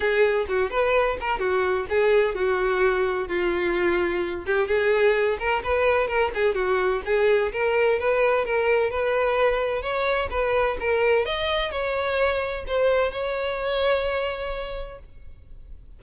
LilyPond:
\new Staff \with { instrumentName = "violin" } { \time 4/4 \tempo 4 = 128 gis'4 fis'8 b'4 ais'8 fis'4 | gis'4 fis'2 f'4~ | f'4. g'8 gis'4. ais'8 | b'4 ais'8 gis'8 fis'4 gis'4 |
ais'4 b'4 ais'4 b'4~ | b'4 cis''4 b'4 ais'4 | dis''4 cis''2 c''4 | cis''1 | }